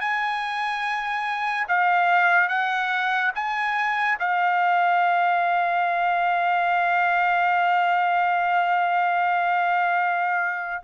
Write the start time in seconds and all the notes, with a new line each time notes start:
0.00 G#5
1.68 F5
2.48 F#5
3.34 G#5
4.19 F5